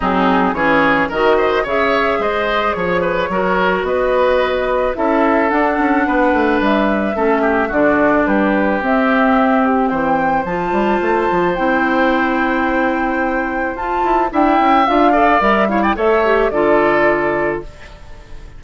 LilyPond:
<<
  \new Staff \with { instrumentName = "flute" } { \time 4/4 \tempo 4 = 109 gis'4 cis''4 dis''4 e''4 | dis''4 cis''2 dis''4~ | dis''4 e''4 fis''2 | e''2 d''4 b'4 |
e''4. g'8 g''4 a''4~ | a''4 g''2.~ | g''4 a''4 g''4 f''4 | e''8 f''16 g''16 e''4 d''2 | }
  \new Staff \with { instrumentName = "oboe" } { \time 4/4 dis'4 gis'4 ais'8 c''8 cis''4 | c''4 cis''8 b'8 ais'4 b'4~ | b'4 a'2 b'4~ | b'4 a'8 g'8 fis'4 g'4~ |
g'2 c''2~ | c''1~ | c''2 e''4. d''8~ | d''8 cis''16 d''16 cis''4 a'2 | }
  \new Staff \with { instrumentName = "clarinet" } { \time 4/4 c'4 cis'4 fis'4 gis'4~ | gis'2 fis'2~ | fis'4 e'4 d'2~ | d'4 cis'4 d'2 |
c'2. f'4~ | f'4 e'2.~ | e'4 f'4 e'4 f'8 a'8 | ais'8 e'8 a'8 g'8 f'2 | }
  \new Staff \with { instrumentName = "bassoon" } { \time 4/4 fis4 e4 dis4 cis4 | gis4 f4 fis4 b4~ | b4 cis'4 d'8 cis'8 b8 a8 | g4 a4 d4 g4 |
c'2 e4 f8 g8 | a8 f8 c'2.~ | c'4 f'8 e'8 d'8 cis'8 d'4 | g4 a4 d2 | }
>>